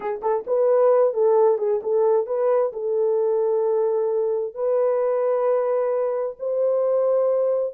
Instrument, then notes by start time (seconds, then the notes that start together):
horn
0.00 G#4
0.22 A4
0.46 B4
1.13 A4
1.58 G#4
1.82 A4
2.26 B4
2.73 A4
4.54 B4
6.39 C5